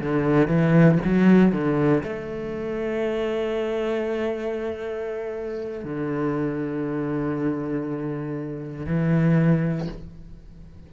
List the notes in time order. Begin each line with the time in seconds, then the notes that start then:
0.00 D3
0.47 E3
1.04 F#3
1.52 D3
2.03 A3
5.84 D3
8.86 E3